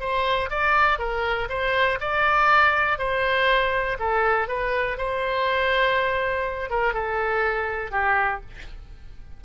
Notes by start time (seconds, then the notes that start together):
0.00 C5
0.50 D5
0.99 A#4
1.49 C5
2.00 D5
2.98 C5
3.99 A4
4.48 B4
4.98 C5
6.70 A#4
6.94 A4
7.91 G4